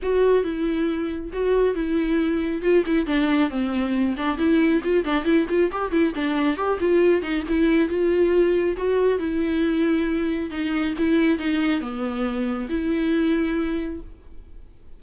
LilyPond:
\new Staff \with { instrumentName = "viola" } { \time 4/4 \tempo 4 = 137 fis'4 e'2 fis'4 | e'2 f'8 e'8 d'4 | c'4. d'8 e'4 f'8 d'8 | e'8 f'8 g'8 e'8 d'4 g'8 f'8~ |
f'8 dis'8 e'4 f'2 | fis'4 e'2. | dis'4 e'4 dis'4 b4~ | b4 e'2. | }